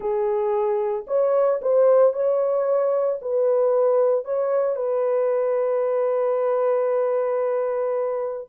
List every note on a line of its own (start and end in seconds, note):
0.00 1.05 G#4
1.07 1.60 C#5
1.61 2.13 C5
2.13 3.19 C#5
3.21 4.25 B4
4.25 4.75 C#5
4.75 8.47 B4